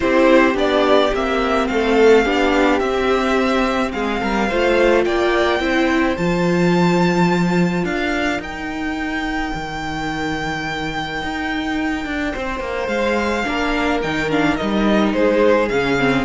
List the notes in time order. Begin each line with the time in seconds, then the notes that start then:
0.00 C4 E4 G4 C5
0.54 B3 D4 D5
1.13 A#3 C4 E5
1.67 A3 A4 F5
2.24 B3 D4 G4
2.79 C4 E5
3.92 G#3 G#4 F5
4.21 G3 A#4
4.48 A3 F4 C5
5.04 A#3 D5 G5
5.60 C4 E4 C5
6.16 F3 F4 A5
7.84 D4 A#4 F5
8.39 D#4 G5
9.54 D#3
11.22 D#4
12.05 D4
12.32 C4 C5
12.60 A#3
12.87 G#3 F5
13.45 A#3 D4 A#4
14.02 D#3 D#4 G5
14.30 D4 F5
14.56 G3 D#4 D#5
15.13 G#3 G#4 C5
15.68 C#3 C#4 F5
15.98 C4